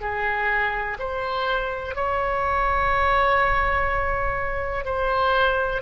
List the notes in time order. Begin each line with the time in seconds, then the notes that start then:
0.00 G#4
0.99 C5
1.95 C#5
4.85 C5